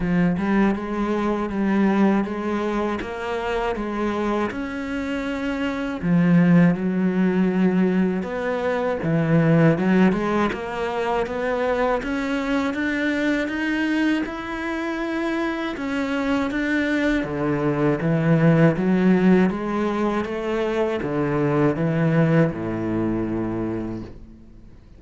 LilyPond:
\new Staff \with { instrumentName = "cello" } { \time 4/4 \tempo 4 = 80 f8 g8 gis4 g4 gis4 | ais4 gis4 cis'2 | f4 fis2 b4 | e4 fis8 gis8 ais4 b4 |
cis'4 d'4 dis'4 e'4~ | e'4 cis'4 d'4 d4 | e4 fis4 gis4 a4 | d4 e4 a,2 | }